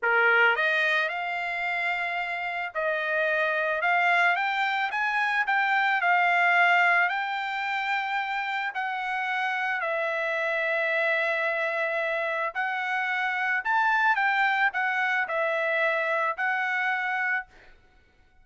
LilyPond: \new Staff \with { instrumentName = "trumpet" } { \time 4/4 \tempo 4 = 110 ais'4 dis''4 f''2~ | f''4 dis''2 f''4 | g''4 gis''4 g''4 f''4~ | f''4 g''2. |
fis''2 e''2~ | e''2. fis''4~ | fis''4 a''4 g''4 fis''4 | e''2 fis''2 | }